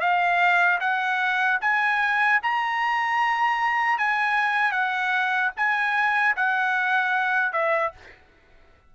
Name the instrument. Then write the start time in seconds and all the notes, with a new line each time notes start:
trumpet
0.00 F5
0.80 F#5
1.61 G#5
2.43 A#5
3.98 G#5
4.72 F#5
5.57 G#5
6.36 F#5
7.53 E5